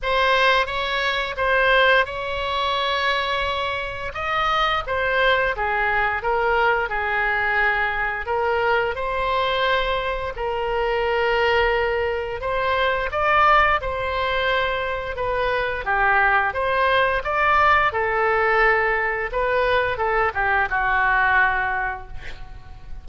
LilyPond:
\new Staff \with { instrumentName = "oboe" } { \time 4/4 \tempo 4 = 87 c''4 cis''4 c''4 cis''4~ | cis''2 dis''4 c''4 | gis'4 ais'4 gis'2 | ais'4 c''2 ais'4~ |
ais'2 c''4 d''4 | c''2 b'4 g'4 | c''4 d''4 a'2 | b'4 a'8 g'8 fis'2 | }